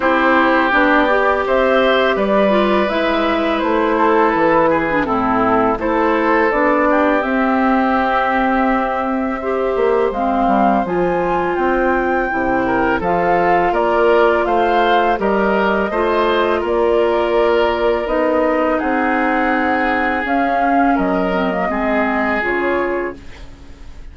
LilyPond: <<
  \new Staff \with { instrumentName = "flute" } { \time 4/4 \tempo 4 = 83 c''4 d''4 e''4 d''4 | e''4 c''4 b'4 a'4 | c''4 d''4 e''2~ | e''2 f''4 gis''4 |
g''2 f''4 d''4 | f''4 dis''2 d''4~ | d''4 dis''4 fis''2 | f''4 dis''2 cis''4 | }
  \new Staff \with { instrumentName = "oboe" } { \time 4/4 g'2 c''4 b'4~ | b'4. a'4 gis'8 e'4 | a'4. g'2~ g'8~ | g'4 c''2.~ |
c''4. ais'8 a'4 ais'4 | c''4 ais'4 c''4 ais'4~ | ais'2 gis'2~ | gis'4 ais'4 gis'2 | }
  \new Staff \with { instrumentName = "clarinet" } { \time 4/4 e'4 d'8 g'2 f'8 | e'2~ e'8. d'16 c'4 | e'4 d'4 c'2~ | c'4 g'4 c'4 f'4~ |
f'4 e'4 f'2~ | f'4 g'4 f'2~ | f'4 dis'2. | cis'4. c'16 ais16 c'4 f'4 | }
  \new Staff \with { instrumentName = "bassoon" } { \time 4/4 c'4 b4 c'4 g4 | gis4 a4 e4 a,4 | a4 b4 c'2~ | c'4. ais8 gis8 g8 f4 |
c'4 c4 f4 ais4 | a4 g4 a4 ais4~ | ais4 b4 c'2 | cis'4 fis4 gis4 cis4 | }
>>